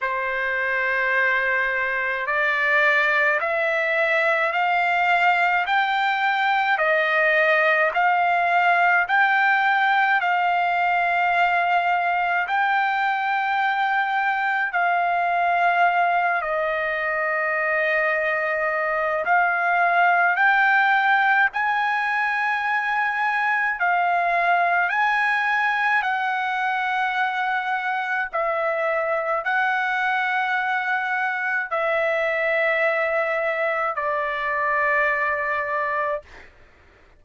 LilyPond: \new Staff \with { instrumentName = "trumpet" } { \time 4/4 \tempo 4 = 53 c''2 d''4 e''4 | f''4 g''4 dis''4 f''4 | g''4 f''2 g''4~ | g''4 f''4. dis''4.~ |
dis''4 f''4 g''4 gis''4~ | gis''4 f''4 gis''4 fis''4~ | fis''4 e''4 fis''2 | e''2 d''2 | }